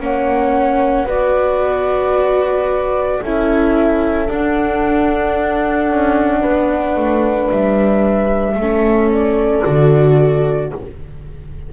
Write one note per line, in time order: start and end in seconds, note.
0.00 1.06 A#3
0.00 1.07 C#4
0.00 1.05 C#5
0.00 1.09 F#5
1.05 3.21 B3
1.05 3.22 F#4
1.05 3.19 B4
1.05 3.23 D5
3.21 4.29 C#4
3.21 4.27 E4
3.21 6.40 A4
3.21 4.31 E5
4.27 8.56 D4
4.27 5.91 D4
4.27 7.50 F#5
5.91 6.44 C#4
6.40 6.96 B3
6.40 8.55 B4
6.96 7.50 A3
7.50 8.55 G3
7.50 9.11 E5
8.55 9.62 A3
8.55 9.64 C#4
8.55 10.73 A4
9.12 10.73 D5
9.64 10.73 D3
9.64 10.71 F#4